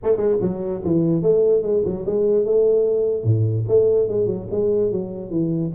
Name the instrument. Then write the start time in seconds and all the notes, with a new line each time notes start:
tuba
0.03 A3
0.16 G#3
0.41 F#3
0.84 E3
1.22 A3
1.62 G#3
1.84 F#3
2.06 G#3
2.45 A3
3.24 A2
3.68 A3
4.08 G#3
4.26 F#3
4.50 G#3
4.91 F#3
5.30 E3